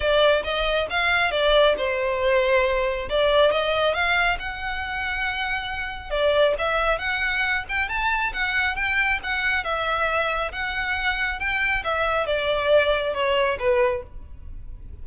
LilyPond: \new Staff \with { instrumentName = "violin" } { \time 4/4 \tempo 4 = 137 d''4 dis''4 f''4 d''4 | c''2. d''4 | dis''4 f''4 fis''2~ | fis''2 d''4 e''4 |
fis''4. g''8 a''4 fis''4 | g''4 fis''4 e''2 | fis''2 g''4 e''4 | d''2 cis''4 b'4 | }